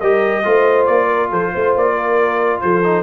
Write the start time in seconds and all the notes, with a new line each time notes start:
0.00 G3 G4 A#4 D#5
0.44 A3 F4 C5
0.87 A#3 D5
1.08 A#4
1.30 F3 A4 C5
1.52 A3 C5
1.76 A#3 D5
1.96 A#4
2.61 F3 A4 C5
2.84 D#4